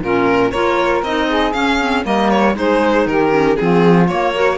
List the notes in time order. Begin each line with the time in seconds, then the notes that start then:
0.00 A#2 C#4 F4 A#4
0.51 A#3 F4 A#4 C#5
1.03 C4 D#4 D#5
1.29 G#4
1.53 C#4 F5
1.79 C4
2.04 G3 A#3 A#4 D#5
2.31 C#5
2.54 G#3 D#4 G#4 C5
3.06 D#3 G4 A#4
3.31 C#4
3.56 F3 C4 F4 G#4
4.08 A#3 C#5
4.34 F#4 A#4